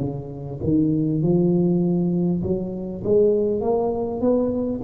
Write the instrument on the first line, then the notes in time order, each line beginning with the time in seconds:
tuba
0.00 C#3
0.64 D#3
1.23 F3
2.43 F#3
3.04 G#3
3.61 A#3
4.21 B3